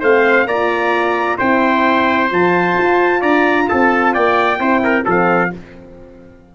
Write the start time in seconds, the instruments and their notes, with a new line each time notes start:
0.00 tuba A3, horn C4, trumpet C5 F5
0.45 tuba A#3, horn F4, trumpet D5 A#5
1.38 tuba C4, horn E4, trumpet C5 G5
2.31 tuba F3, horn F4, trumpet A5
2.78 tuba F4
3.21 tuba D4, trumpet D5 A#5
3.69 tuba C4, trumpet A4 A5
4.13 tuba A#3, trumpet D5 G5
4.59 tuba C4, horn E4, trumpet C5
4.83 trumpet A#4
5.05 tuba F3, horn C4, trumpet A4 F5